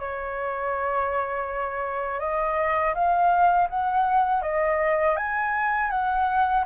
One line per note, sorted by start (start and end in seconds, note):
0.00 2.20 C#5
2.20 2.94 D#5
2.95 3.69 F5
3.70 4.43 F#5
4.43 5.17 D#5
5.17 5.91 G#5
5.91 6.65 F#5